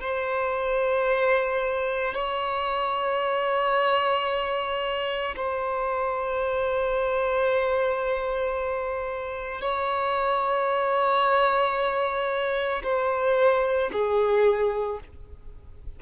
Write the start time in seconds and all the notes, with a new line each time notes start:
0.00 C5
2.13 C#5
5.36 C5
9.60 C#5
12.83 C5
13.92 G#4